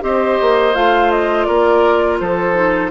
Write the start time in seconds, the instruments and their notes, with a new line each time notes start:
0.00 bassoon C4, clarinet G4, oboe C5, flute D#5
0.41 bassoon A#3
0.74 bassoon A3, clarinet F4, flute F5
1.11 flute D#5
1.44 bassoon A#3, oboe A#4, flute D5
2.19 bassoon F3, oboe A4, flute C5
2.54 clarinet D#4